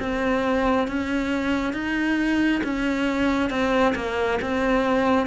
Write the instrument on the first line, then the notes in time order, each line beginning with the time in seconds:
cello
0.00 C4
0.88 C#4
1.74 D#4
2.64 C#4
3.50 C4
3.95 A#3
4.42 C4